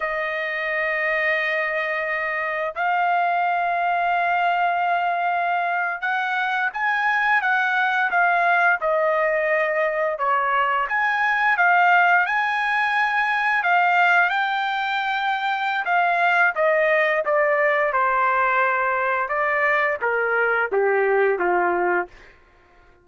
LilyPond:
\new Staff \with { instrumentName = "trumpet" } { \time 4/4 \tempo 4 = 87 dis''1 | f''1~ | f''8. fis''4 gis''4 fis''4 f''16~ | f''8. dis''2 cis''4 gis''16~ |
gis''8. f''4 gis''2 f''16~ | f''8. g''2~ g''16 f''4 | dis''4 d''4 c''2 | d''4 ais'4 g'4 f'4 | }